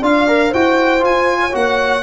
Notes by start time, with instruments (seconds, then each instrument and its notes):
0.00 tuba D4, trombone F4, horn D5, violin F5
0.27 trombone A#4
0.49 tuba E4, trombone F#4, horn C5, violin G5
0.99 trombone F4, tuba F4, violin G#5
1.40 horn C#5
1.51 tuba A#3, trombone F#4, violin F#5